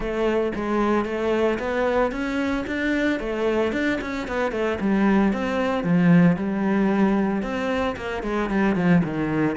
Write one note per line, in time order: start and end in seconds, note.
0.00 0.52 A3
0.55 1.05 G#3
1.05 1.58 A3
1.59 2.11 B3
2.11 2.64 C#4
2.66 3.19 D4
3.19 3.72 A3
3.72 3.99 D4
4.01 4.27 C#4
4.27 4.51 B3
4.51 4.78 A3
4.80 5.32 G3
5.32 5.83 C4
5.83 6.36 F3
6.36 7.42 G3
7.42 7.95 C4
7.96 8.23 A#3
8.23 8.49 G#3
8.49 8.75 G3
8.75 9.02 F3
9.04 9.56 D#3